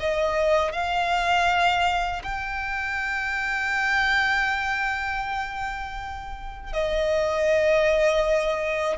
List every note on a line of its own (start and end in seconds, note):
0.00 0.73 D#5
0.73 2.23 F5
2.24 6.73 G5
6.73 8.98 D#5